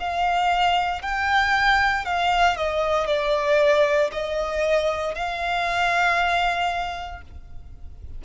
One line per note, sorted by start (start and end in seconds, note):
0.00 1.03 F5
1.03 2.06 G5
2.06 2.57 F5
2.57 3.07 D#5
3.07 4.11 D5
4.13 5.15 D#5
5.15 7.22 F5